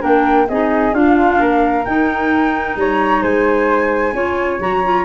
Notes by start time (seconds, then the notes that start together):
0.00 A#3 D4 A#4 G5
0.48 C4 D#4 G#4 D#5
0.92 D4 F4 F5
1.40 A#3 A#4
1.85 D#4 G5
2.76 G3 C#5 A#5
3.22 G#3 C5 G#5
4.13 C#4 F4 C#5
4.59 F#3 F#4 A#5
4.84 F4